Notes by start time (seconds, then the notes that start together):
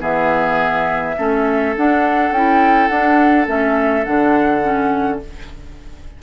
0.00 E3 B3 G#4 E5
1.18 A3 C#4 A4
1.77 D4 F#5
2.32 C#4 E4 G5
2.88 D4 F#5
3.47 A3 C#4 E5
4.05 D3 D4 F#5
4.63 C#4